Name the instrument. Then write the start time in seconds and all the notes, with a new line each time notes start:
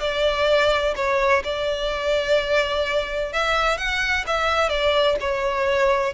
violin
0.00 D5
0.96 C#5
1.44 D5
3.33 E5
3.78 F#5
4.27 E5
4.69 D5
5.20 C#5